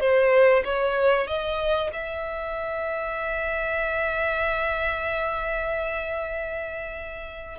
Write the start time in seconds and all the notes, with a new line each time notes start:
0.00 C5
0.64 C#5
1.27 D#5
1.93 E5